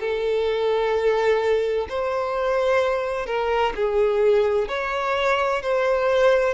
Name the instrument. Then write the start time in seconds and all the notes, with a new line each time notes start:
violin
0.00 A4
1.89 C5
3.26 A#4
3.75 G#4
4.68 C#5
5.62 C5